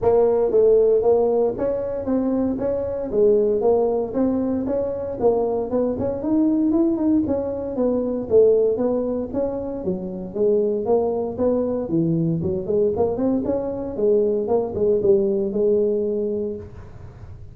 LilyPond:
\new Staff \with { instrumentName = "tuba" } { \time 4/4 \tempo 4 = 116 ais4 a4 ais4 cis'4 | c'4 cis'4 gis4 ais4 | c'4 cis'4 ais4 b8 cis'8 | dis'4 e'8 dis'8 cis'4 b4 |
a4 b4 cis'4 fis4 | gis4 ais4 b4 e4 | fis8 gis8 ais8 c'8 cis'4 gis4 | ais8 gis8 g4 gis2 | }